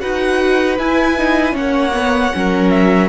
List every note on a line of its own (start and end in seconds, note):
0.00 0.79 D#4
0.00 0.77 F#4
0.00 1.55 B4
0.00 0.78 F#5
0.79 1.55 E4
0.79 1.18 E4
0.79 1.56 G#5
1.18 1.52 D#4
1.52 2.32 A#3
1.52 1.91 C#4
1.52 2.70 F#5
1.59 2.36 C#5
1.94 2.32 B3
2.34 3.09 F#3
2.34 3.09 C#4
2.34 3.09 A#4
2.70 3.08 E5